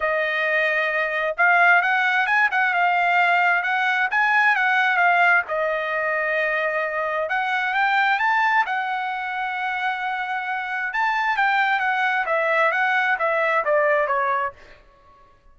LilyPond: \new Staff \with { instrumentName = "trumpet" } { \time 4/4 \tempo 4 = 132 dis''2. f''4 | fis''4 gis''8 fis''8 f''2 | fis''4 gis''4 fis''4 f''4 | dis''1 |
fis''4 g''4 a''4 fis''4~ | fis''1 | a''4 g''4 fis''4 e''4 | fis''4 e''4 d''4 cis''4 | }